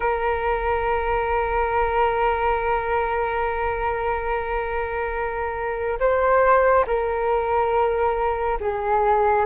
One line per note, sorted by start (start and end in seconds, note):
0.00 5.98 A#4
5.99 6.85 C5
6.86 8.58 A#4
8.60 9.45 G#4